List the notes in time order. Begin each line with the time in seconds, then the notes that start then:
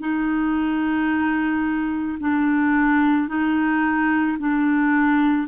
0.00 D#4
2.19 D4
3.28 D#4
4.38 D4